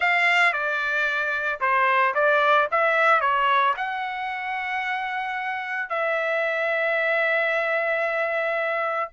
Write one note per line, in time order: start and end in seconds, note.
0.00 0.52 F5
0.52 1.59 D5
1.60 2.14 C5
2.14 2.68 D5
2.71 3.20 E5
3.20 3.74 C#5
3.76 5.89 F#5
5.89 9.10 E5